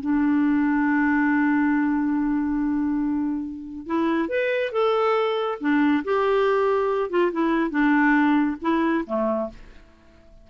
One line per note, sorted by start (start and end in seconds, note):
0.00 3.86 D4
3.86 4.29 E4
4.29 4.72 B4
4.72 5.58 A4
5.60 6.03 D4
6.04 7.10 G4
7.10 7.31 F4
7.32 7.70 E4
7.70 8.56 D4
8.61 9.04 E4
9.06 9.49 A3